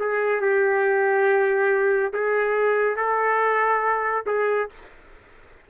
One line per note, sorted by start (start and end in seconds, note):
0.00 0.41 G#4
0.41 2.13 G4
2.14 2.96 G#4
2.96 4.25 A4
4.27 4.69 G#4